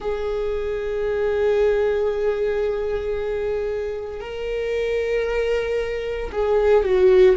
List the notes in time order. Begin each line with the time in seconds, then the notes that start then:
0.00 G#4
4.20 A#4
6.32 G#4
6.84 F#4